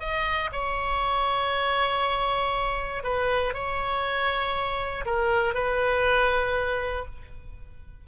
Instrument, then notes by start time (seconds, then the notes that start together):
oboe
0.00 D#5
0.52 C#5
3.04 B4
3.54 C#5
5.05 A#4
5.54 B4